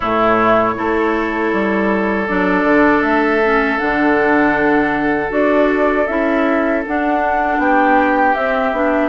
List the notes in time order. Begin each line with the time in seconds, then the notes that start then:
0.00 A2 A3 E4 C#5
0.75 A3 E4 A4
1.52 G3
2.27 F#3 D4 D5
2.63 D3
3.02 A3 E5
3.43 C#4
3.78 D3 D4 F#5
5.29 D4 F#4 D5
6.06 C#4 E4 E5
6.86 D4 F#5
7.58 B3 G4 G5
8.34 C4 E5
8.72 B3 D4